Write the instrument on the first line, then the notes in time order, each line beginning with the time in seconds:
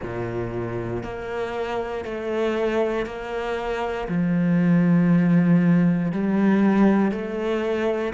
cello
0.02 A#2
1.03 A#3
2.04 A3
3.06 A#3
4.08 F3
6.12 G3
7.11 A3